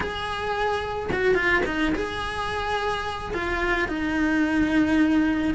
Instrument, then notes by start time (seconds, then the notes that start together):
cello
0.00 G#4
1.12 F#4
1.34 F4
1.65 D#4
1.94 G#4
3.34 F4
3.88 D#4